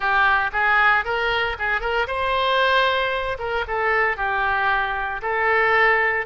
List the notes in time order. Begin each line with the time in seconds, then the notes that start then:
0.00 G4
0.52 G#4
1.04 A#4
1.59 G#4
1.80 A#4
2.07 C5
3.38 A#4
3.67 A4
4.16 G4
5.22 A4